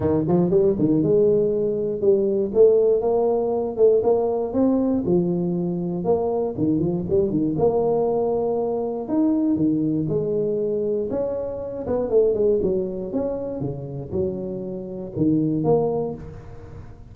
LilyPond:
\new Staff \with { instrumentName = "tuba" } { \time 4/4 \tempo 4 = 119 dis8 f8 g8 dis8 gis2 | g4 a4 ais4. a8 | ais4 c'4 f2 | ais4 dis8 f8 g8 dis8 ais4~ |
ais2 dis'4 dis4 | gis2 cis'4. b8 | a8 gis8 fis4 cis'4 cis4 | fis2 dis4 ais4 | }